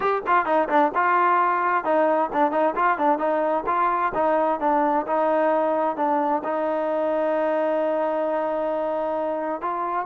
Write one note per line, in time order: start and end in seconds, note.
0.00 0.22 G4
0.26 0.45 F4
0.45 0.68 D#4
0.68 0.91 D4
0.94 1.84 F4
1.84 2.30 D#4
2.32 2.51 D4
2.51 2.74 D#4
2.75 2.98 F4
2.98 3.18 D4
3.18 3.64 D#4
3.66 4.12 F4
4.14 4.60 D#4
4.60 5.05 D4
5.07 5.96 D#4
5.96 6.42 D4
6.44 9.61 D#4
9.61 10.06 F4